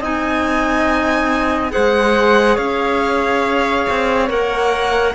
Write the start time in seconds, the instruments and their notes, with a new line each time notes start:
0.00 cello C4, clarinet D#4, flute D#5, violin G#5
1.71 cello G#3, clarinet G#4, flute C5, violin F#5
2.55 cello C#4, flute C#5, violin F5
3.90 cello C4
4.29 cello A#3, clarinet A#4, violin F#5